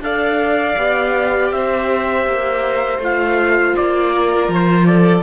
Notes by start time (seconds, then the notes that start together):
0.00 D4 A4 D5 F5
0.77 B3 G4
1.52 C4 C5 E5
2.27 A#3
2.98 A3 F4 F5
3.76 A#3 D5
4.13 A#4
4.48 F3 C5
4.86 A4 D5